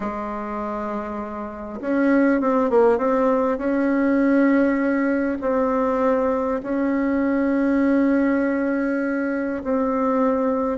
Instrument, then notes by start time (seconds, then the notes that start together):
bassoon
0.00 G#3
1.80 C#4
2.40 C4
2.70 A#3
2.98 C4
3.58 C#4
5.41 C4
6.62 C#4
9.63 C4